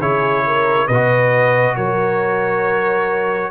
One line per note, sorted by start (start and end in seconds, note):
0.00 0.89 C#3
0.00 0.90 E4
0.00 0.44 G#4
0.00 0.87 C#5
0.47 0.87 A#4
0.87 1.77 B2
0.87 3.51 F#4
0.87 1.75 B4
0.87 1.76 D#5
1.76 3.51 F#3
1.76 3.51 A#4
1.76 3.51 C#5